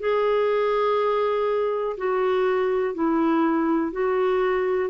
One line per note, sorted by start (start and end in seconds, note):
0.00 1.97 G#4
1.98 2.95 F#4
2.95 3.93 E4
3.93 4.90 F#4